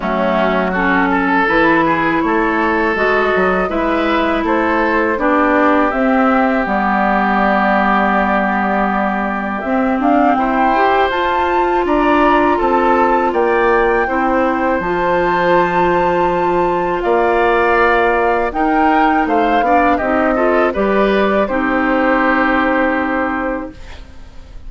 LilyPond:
<<
  \new Staff \with { instrumentName = "flute" } { \time 4/4 \tempo 4 = 81 fis'4 a'4 b'4 cis''4 | dis''4 e''4 c''4 d''4 | e''4 d''2.~ | d''4 e''8 f''8 g''4 a''4 |
ais''4 a''4 g''2 | a''2. f''4~ | f''4 g''4 f''4 dis''4 | d''4 c''2. | }
  \new Staff \with { instrumentName = "oboe" } { \time 4/4 cis'4 fis'8 a'4 gis'8 a'4~ | a'4 b'4 a'4 g'4~ | g'1~ | g'2 c''2 |
d''4 a'4 d''4 c''4~ | c''2. d''4~ | d''4 ais'4 c''8 d''8 g'8 a'8 | b'4 g'2. | }
  \new Staff \with { instrumentName = "clarinet" } { \time 4/4 a4 cis'4 e'2 | fis'4 e'2 d'4 | c'4 b2.~ | b4 c'4. g'8 f'4~ |
f'2. e'4 | f'1~ | f'4 dis'4. d'8 dis'8 f'8 | g'4 dis'2. | }
  \new Staff \with { instrumentName = "bassoon" } { \time 4/4 fis2 e4 a4 | gis8 fis8 gis4 a4 b4 | c'4 g2.~ | g4 c'8 d'8 e'4 f'4 |
d'4 c'4 ais4 c'4 | f2. ais4~ | ais4 dis'4 a8 b8 c'4 | g4 c'2. | }
>>